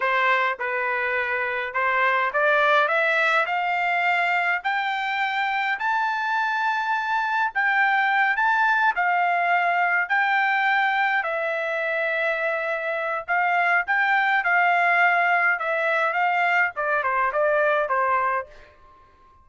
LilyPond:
\new Staff \with { instrumentName = "trumpet" } { \time 4/4 \tempo 4 = 104 c''4 b'2 c''4 | d''4 e''4 f''2 | g''2 a''2~ | a''4 g''4. a''4 f''8~ |
f''4. g''2 e''8~ | e''2. f''4 | g''4 f''2 e''4 | f''4 d''8 c''8 d''4 c''4 | }